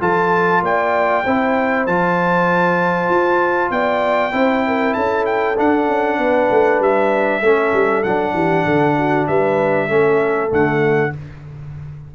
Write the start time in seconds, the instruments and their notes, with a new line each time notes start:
0.00 tuba F3, trombone F4, horn A4, trumpet A5
0.61 tuba A#3, horn D5, trumpet G5
1.24 tuba C4, trombone E4, horn C5
1.86 tuba F3, trombone F4, trumpet A5
3.10 tuba F4
3.70 tuba B3, horn D5, trumpet G5
4.32 tuba C4, trombone E4, horn C5
4.67 horn A#4
4.93 tuba C#4, horn A4, trumpet A5
5.25 trumpet G5
5.57 trombone D4, tuba D4, trumpet F#5
5.88 tuba C#4
6.18 tuba B3, horn B4
6.50 tuba A3
6.80 tuba G3, trumpet E5
7.40 tuba A3, trombone C#4, horn A4
7.73 tuba G3
8.03 tuba F#3, trombone D4, trumpet F#5
8.33 tuba E3, horn G4
8.65 tuba D3, horn A4
8.98 horn F#4
9.27 tuba G3, horn B4, trumpet E5
9.87 tuba A3, trombone C#4, horn A4
10.48 tuba D3, trombone A3, trumpet F#5